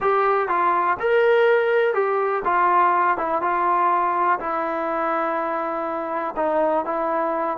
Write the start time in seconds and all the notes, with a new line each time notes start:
0.00 G4
0.48 F4
0.99 A#4
1.94 G4
2.44 F4
3.17 E4
3.41 F4
4.39 E4
6.36 D#4
6.85 E4